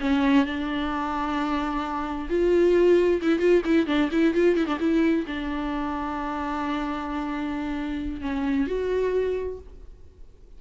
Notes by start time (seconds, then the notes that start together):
0.00 C#4
0.45 D4
2.29 F4
3.22 E4
3.39 F4
3.65 E4
3.86 D4
4.11 E4
4.34 F4
4.56 E4
4.66 D4
4.79 E4
5.26 D4
8.21 C#4
8.67 F#4